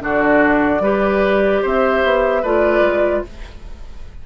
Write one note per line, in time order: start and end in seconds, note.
0.00 0.80 D3
0.00 0.81 D4
0.00 0.83 F#4
0.00 1.65 D5
0.80 1.61 G3
0.80 2.45 G4
0.80 1.62 B4
1.62 2.04 C4
1.62 2.43 C5
1.62 2.44 E5
2.04 2.44 B3
2.43 2.81 A3
2.43 3.26 F4
2.43 3.24 B4
2.43 3.25 D5
2.81 3.22 G#3